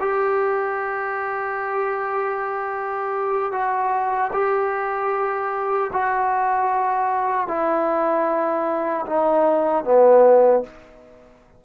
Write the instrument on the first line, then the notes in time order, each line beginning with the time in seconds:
trombone
0.00 G4
3.52 F#4
4.33 G4
5.93 F#4
7.47 E4
9.06 D#4
9.84 B3